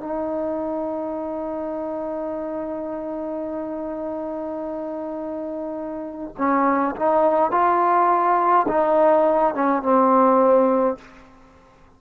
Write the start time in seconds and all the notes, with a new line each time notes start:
0.00 D#4
6.37 C#4
6.96 D#4
7.51 F4
8.68 D#4
9.55 C#4
9.82 C4